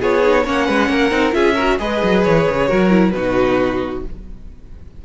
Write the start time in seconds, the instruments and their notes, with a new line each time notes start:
0.00 cello B3, viola F4, violin G#4 C#5
0.23 viola D#4
0.44 cello A#3, viola C#4, violin C#5 F#5
0.67 cello G#3, violin B4
0.89 cello A#3, violin A#4
1.11 cello C4, viola D#4
1.32 cello C#4, viola F4, violin G#4 E5
1.55 viola F#4, violin A#4
1.79 cello G#3, viola G#4, violin B4 D#5
2.04 cello F#3
2.24 cello E3, violin C#5
2.50 cello C#3
2.68 cello F#3, viola F#4, violin A#4
2.90 viola E4
3.10 cello B2, viola D#4, violin F#4 B4